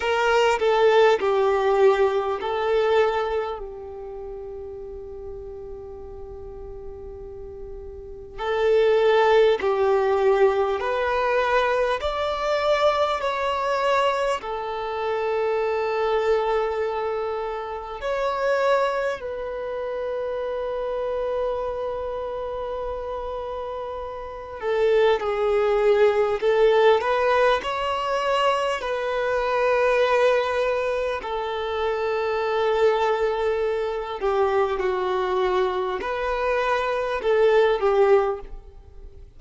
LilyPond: \new Staff \with { instrumentName = "violin" } { \time 4/4 \tempo 4 = 50 ais'8 a'8 g'4 a'4 g'4~ | g'2. a'4 | g'4 b'4 d''4 cis''4 | a'2. cis''4 |
b'1~ | b'8 a'8 gis'4 a'8 b'8 cis''4 | b'2 a'2~ | a'8 g'8 fis'4 b'4 a'8 g'8 | }